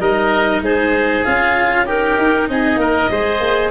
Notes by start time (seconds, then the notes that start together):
0.00 G3 D#4 A#4 D#5
0.61 G#3 G#4 C5
1.24 C#4 F4 F5
1.86 D#4 G4 A#4
2.18 D#4
2.48 C4 G#4 D#5
2.77 A#3 A#4
3.10 G#3 G#4 C5
3.40 A#3